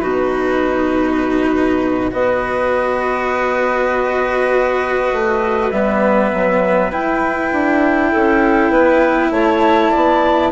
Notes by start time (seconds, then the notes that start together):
0.00 B2 D#4 F#4 B4
2.11 B3 F#4 B4 D#5
5.13 A3
5.72 G3 B3 E5
6.33 F#3
6.91 E4 G5
7.52 D4
8.12 C#4 A4
8.70 B3 B4
9.31 A3 C#5 A5
9.92 B3 D5